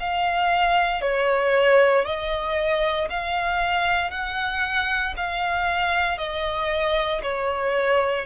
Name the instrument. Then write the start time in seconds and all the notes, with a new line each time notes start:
violin
0.00 F5
1.02 C#5
2.05 D#5
3.10 F5
4.11 F#5
5.17 F5
6.18 D#5
7.23 C#5